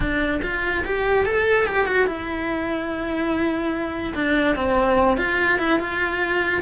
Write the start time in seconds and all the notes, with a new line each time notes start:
0.00 D4
0.42 F4
0.84 G4
1.25 A4
1.66 G4
1.86 F#4
2.07 E4
4.15 D4
4.55 C4
5.17 F4
5.58 E4
5.79 F4